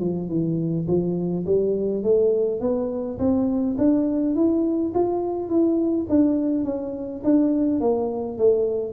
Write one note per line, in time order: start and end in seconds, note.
0.00 0.29 F3
0.29 0.86 E3
0.88 1.45 F3
1.46 2.03 G3
2.03 2.61 A3
2.61 3.18 B3
3.19 3.76 C4
3.78 4.35 D4
4.35 4.93 E4
4.94 5.49 F4
5.49 6.06 E4
6.09 6.65 D4
6.65 7.22 C#4
7.24 7.80 D4
7.80 8.38 A#3
8.38 8.93 A3